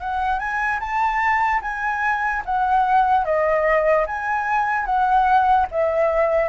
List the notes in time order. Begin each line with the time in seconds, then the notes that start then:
0.00 F#5
0.39 G#5
0.80 A5
1.62 G#5
2.45 F#5
3.25 D#5
4.07 G#5
4.85 F#5
5.71 E5